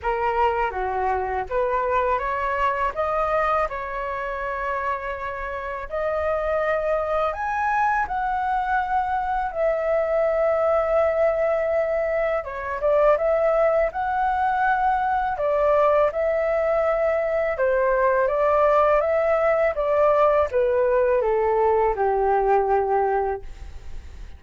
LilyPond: \new Staff \with { instrumentName = "flute" } { \time 4/4 \tempo 4 = 82 ais'4 fis'4 b'4 cis''4 | dis''4 cis''2. | dis''2 gis''4 fis''4~ | fis''4 e''2.~ |
e''4 cis''8 d''8 e''4 fis''4~ | fis''4 d''4 e''2 | c''4 d''4 e''4 d''4 | b'4 a'4 g'2 | }